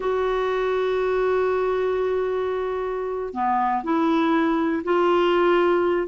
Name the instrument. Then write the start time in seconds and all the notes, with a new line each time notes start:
clarinet
0.00 F#4
3.33 B3
3.83 E4
4.84 F4